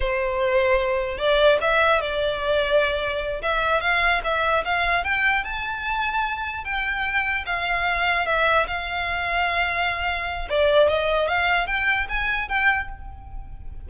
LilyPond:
\new Staff \with { instrumentName = "violin" } { \time 4/4 \tempo 4 = 149 c''2. d''4 | e''4 d''2.~ | d''8 e''4 f''4 e''4 f''8~ | f''8 g''4 a''2~ a''8~ |
a''8 g''2 f''4.~ | f''8 e''4 f''2~ f''8~ | f''2 d''4 dis''4 | f''4 g''4 gis''4 g''4 | }